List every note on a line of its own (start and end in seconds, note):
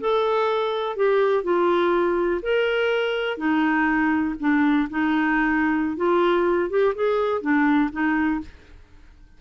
0.00 0.96 A4
0.96 1.43 G4
1.43 2.41 F4
2.42 3.37 A#4
3.37 4.35 D#4
4.39 4.88 D4
4.90 5.96 D#4
5.96 6.69 F4
6.69 6.94 G4
6.95 7.41 G#4
7.41 7.90 D4
7.92 8.40 D#4